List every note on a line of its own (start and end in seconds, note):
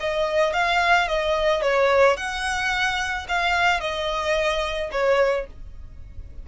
0.00 0.53 D#5
0.53 1.08 F5
1.08 1.62 D#5
1.62 2.17 C#5
2.17 3.27 F#5
3.29 3.80 F5
3.80 4.90 D#5
4.91 5.46 C#5